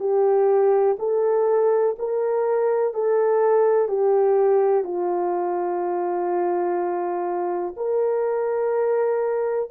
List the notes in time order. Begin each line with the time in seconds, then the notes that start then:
0.00 G4
0.99 A4
1.98 A#4
2.93 A4
3.88 G4
4.84 F4
7.77 A#4